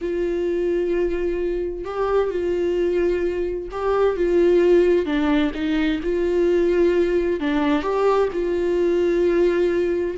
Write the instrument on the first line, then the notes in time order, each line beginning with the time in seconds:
viola
0.01 F4
1.85 G4
2.30 F4
3.71 G4
4.16 F4
5.05 D4
5.54 D#4
6.03 F4
7.40 D4
7.82 G4
8.32 F4